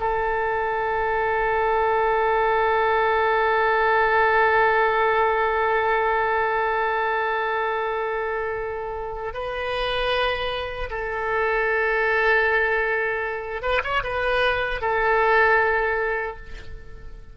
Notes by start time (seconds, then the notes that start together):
0.00 A4
9.34 B4
10.90 A4
13.62 B4
13.83 C#5
14.03 B4
14.81 A4